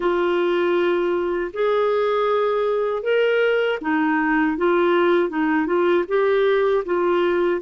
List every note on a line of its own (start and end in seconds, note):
0.00 1.51 F4
1.53 3.02 G#4
3.02 3.78 A#4
3.81 4.57 D#4
4.57 5.29 F4
5.29 5.66 D#4
5.66 6.04 F4
6.08 6.84 G4
6.85 7.61 F4